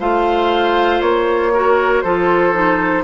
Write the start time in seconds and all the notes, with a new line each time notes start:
0.00 A3 F4 C5 F5
1.01 A#3 C#5
1.54 F#4 A#4
2.02 F3 F4 A4 C5
2.53 D#4